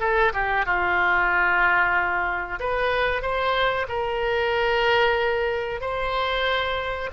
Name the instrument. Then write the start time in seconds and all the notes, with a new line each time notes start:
oboe
0.00 A4
0.33 G4
0.66 F4
2.60 B4
3.22 C5
3.89 A#4
5.81 C5